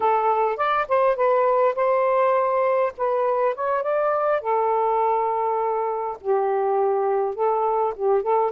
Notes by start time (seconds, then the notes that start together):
0.00 A4
0.56 D5
0.88 C5
1.16 B4
1.75 C5
2.97 B4
3.55 C#5
3.83 D5
4.41 A4
6.21 G4
7.34 A4
7.96 G4
8.22 A4